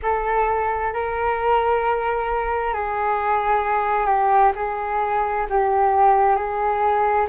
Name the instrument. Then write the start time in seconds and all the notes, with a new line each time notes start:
flute
0.02 A4
0.93 A#4
2.73 G#4
4.06 G4
4.55 G#4
5.49 G4
6.36 G#4